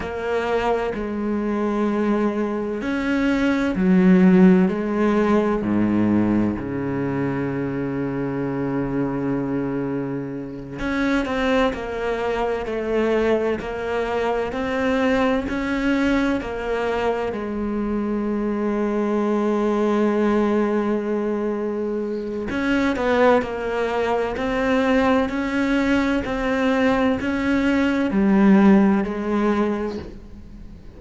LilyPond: \new Staff \with { instrumentName = "cello" } { \time 4/4 \tempo 4 = 64 ais4 gis2 cis'4 | fis4 gis4 gis,4 cis4~ | cis2.~ cis8 cis'8 | c'8 ais4 a4 ais4 c'8~ |
c'8 cis'4 ais4 gis4.~ | gis1 | cis'8 b8 ais4 c'4 cis'4 | c'4 cis'4 g4 gis4 | }